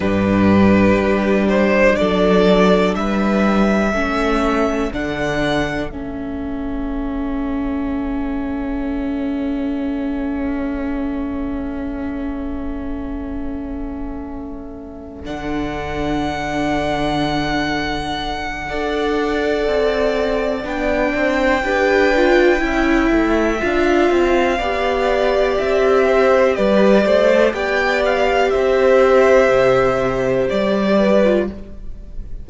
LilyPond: <<
  \new Staff \with { instrumentName = "violin" } { \time 4/4 \tempo 4 = 61 b'4. c''8 d''4 e''4~ | e''4 fis''4 e''2~ | e''1~ | e''2.~ e''8 fis''8~ |
fis''1~ | fis''4 g''2. | f''2 e''4 d''4 | g''8 f''8 e''2 d''4 | }
  \new Staff \with { instrumentName = "violin" } { \time 4/4 g'2 a'4 b'4 | a'1~ | a'1~ | a'1~ |
a'2. d''4~ | d''4. c''8 b'4 e''4~ | e''4 d''4. c''8 b'8 c''8 | d''4 c''2~ c''8 b'8 | }
  \new Staff \with { instrumentName = "viola" } { \time 4/4 d'1 | cis'4 d'4 cis'2~ | cis'1~ | cis'2.~ cis'8 d'8~ |
d'2. a'4~ | a'4 d'4 g'8 f'8 e'4 | f'4 g'2~ g'8. a'16 | g'2.~ g'8. f'16 | }
  \new Staff \with { instrumentName = "cello" } { \time 4/4 g,4 g4 fis4 g4 | a4 d4 a2~ | a1~ | a2.~ a8 d8~ |
d2. d'4 | c'4 b8 c'8 d'4 cis'8 a8 | d'8 c'8 b4 c'4 g8 a8 | b4 c'4 c4 g4 | }
>>